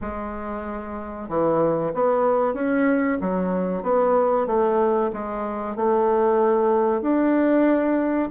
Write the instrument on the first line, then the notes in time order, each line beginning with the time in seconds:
bassoon
0.01 G#3
1.29 E3
1.94 B3
2.54 C#4
3.20 F#3
3.83 B3
4.47 A3
5.12 G#3
5.76 A3
7.01 D4